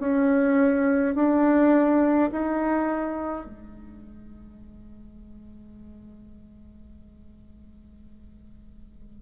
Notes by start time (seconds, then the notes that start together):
0.00 C#4
1.15 D4
2.32 D#4
3.47 G#3